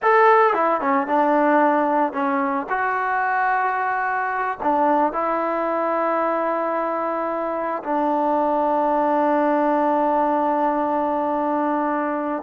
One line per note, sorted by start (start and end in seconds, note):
0.02 0.53 A4
0.53 0.80 E4
0.81 1.07 C#4
1.07 2.12 D4
2.12 2.66 C#4
2.69 4.58 F#4
4.62 5.12 D4
5.12 7.83 E4
7.83 12.43 D4